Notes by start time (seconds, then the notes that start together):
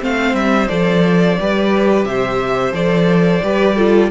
0.00 A3 C4 C5 F5
0.34 G3 E5
0.68 F3 A4 D5
1.40 G3 G4 B4
2.05 C3 C5 E5
2.72 F3 A4 D5
3.43 G3 G4 B4
3.76 F4 A4